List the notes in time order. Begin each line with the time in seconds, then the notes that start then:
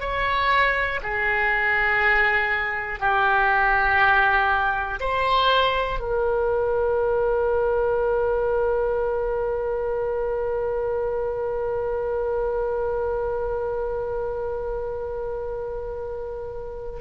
0.00 C#5
1.03 G#4
3.00 G4
5.00 C5
6.00 A#4